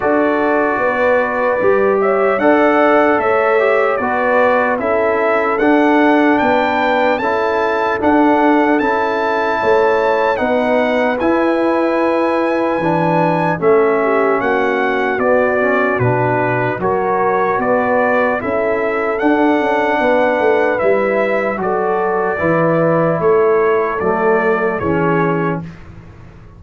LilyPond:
<<
  \new Staff \with { instrumentName = "trumpet" } { \time 4/4 \tempo 4 = 75 d''2~ d''8 e''8 fis''4 | e''4 d''4 e''4 fis''4 | g''4 a''4 fis''4 a''4~ | a''4 fis''4 gis''2~ |
gis''4 e''4 fis''4 d''4 | b'4 cis''4 d''4 e''4 | fis''2 e''4 d''4~ | d''4 cis''4 d''4 cis''4 | }
  \new Staff \with { instrumentName = "horn" } { \time 4/4 a'4 b'4. cis''8 d''4 | cis''4 b'4 a'2 | b'4 a'2. | cis''4 b'2.~ |
b'4 a'8 g'8 fis'2~ | fis'4 ais'4 b'4 a'4~ | a'4 b'2 a'4 | b'4 a'2 gis'4 | }
  \new Staff \with { instrumentName = "trombone" } { \time 4/4 fis'2 g'4 a'4~ | a'8 g'8 fis'4 e'4 d'4~ | d'4 e'4 d'4 e'4~ | e'4 dis'4 e'2 |
d'4 cis'2 b8 cis'8 | d'4 fis'2 e'4 | d'2 e'4 fis'4 | e'2 a4 cis'4 | }
  \new Staff \with { instrumentName = "tuba" } { \time 4/4 d'4 b4 g4 d'4 | a4 b4 cis'4 d'4 | b4 cis'4 d'4 cis'4 | a4 b4 e'2 |
e4 a4 ais4 b4 | b,4 fis4 b4 cis'4 | d'8 cis'8 b8 a8 g4 fis4 | e4 a4 fis4 e4 | }
>>